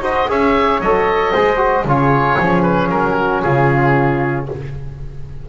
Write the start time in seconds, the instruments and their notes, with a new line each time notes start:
0.00 double bass D#4, trombone F#4, flute C5, oboe D#5
0.28 double bass C#4, trombone G#4, flute C#5, oboe E5
0.80 double bass F#3, trombone A4, oboe D#5
1.32 double bass G#3, trombone G#4, flute C5
1.57 trombone F#4
1.84 double bass C#3, trombone F4, flute G#4, oboe C#5
2.40 double bass F3, trombone C#4
2.62 oboe B4
2.90 double bass F#3, oboe A#4
3.16 flute F#4
3.42 double bass C#3, flute F4, oboe G#4